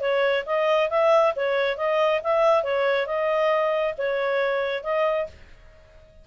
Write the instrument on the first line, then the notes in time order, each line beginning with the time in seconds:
clarinet
0.00 C#5
0.46 D#5
0.90 E5
1.35 C#5
1.77 D#5
2.23 E5
2.63 C#5
3.06 D#5
3.97 C#5
4.83 D#5